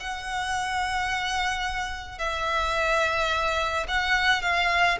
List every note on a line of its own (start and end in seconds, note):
0.00 2.18 F#5
2.18 3.86 E5
3.88 4.42 F#5
4.42 4.98 F5